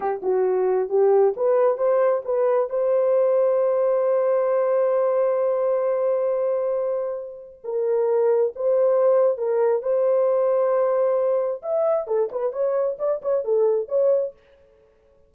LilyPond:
\new Staff \with { instrumentName = "horn" } { \time 4/4 \tempo 4 = 134 g'8 fis'4. g'4 b'4 | c''4 b'4 c''2~ | c''1~ | c''1~ |
c''4 ais'2 c''4~ | c''4 ais'4 c''2~ | c''2 e''4 a'8 b'8 | cis''4 d''8 cis''8 a'4 cis''4 | }